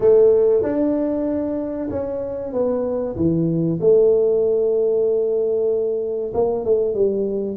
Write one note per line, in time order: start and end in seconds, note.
0.00 0.63 A3
0.63 1.89 D4
1.89 2.52 C#4
2.52 3.15 B3
3.16 3.79 E3
3.80 6.32 A3
6.34 6.64 A#3
6.64 6.94 A3
6.94 7.56 G3